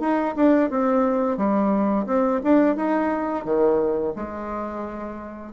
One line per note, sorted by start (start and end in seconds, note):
0.00 0.34 D#4
0.36 0.70 D4
0.70 1.37 C4
1.37 2.06 G3
2.06 2.41 C4
2.43 2.76 D4
2.76 3.45 D#4
3.45 4.13 D#3
4.15 5.53 G#3